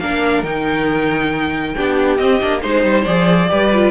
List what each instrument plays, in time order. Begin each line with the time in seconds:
0.00 cello A#3, viola D4, violin A#4 F5
0.43 cello D#3, viola D#4, violin G5
1.76 cello B3, viola D4, violin G4
2.17 viola C4, cello C4, violin D#5
2.41 cello A#3, viola D4
2.61 cello G#3, viola D#4, violin C5
2.84 cello G3
3.05 cello F3, viola G#4, violin D5
3.49 cello G3, viola G4, violin B4
3.74 viola F4